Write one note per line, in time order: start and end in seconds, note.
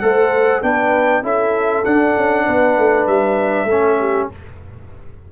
0.00 0.62 A3
0.00 0.62 A4
0.00 0.63 C5
0.00 0.61 F#5
0.62 1.22 B3
0.62 1.23 D4
0.62 1.23 B4
0.62 1.23 G5
1.22 1.84 C#4
1.22 1.84 E4
1.22 2.45 A4
1.22 1.84 E5
1.84 3.68 D4
1.84 2.16 D4
1.84 3.07 F#5
2.17 2.47 C#4
2.45 2.78 B3
2.45 3.67 B4
2.78 3.07 A3
3.07 3.64 G3
3.07 4.29 E5
3.64 4.26 A3
3.64 3.99 A4
3.71 4.32 C#4
3.99 4.30 G4